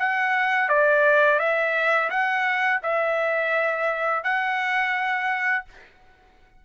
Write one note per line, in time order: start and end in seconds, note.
0.00 0.69 F#5
0.69 1.40 D5
1.40 2.10 E5
2.10 2.81 F#5
2.83 4.24 E5
4.24 5.65 F#5